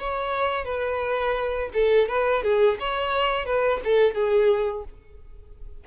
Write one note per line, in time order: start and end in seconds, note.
0.00 0.65 C#5
0.65 1.70 B4
1.74 2.09 A4
2.09 2.43 B4
2.43 2.78 G#4
2.80 3.46 C#5
3.46 3.81 B4
3.84 4.14 A4
4.14 4.84 G#4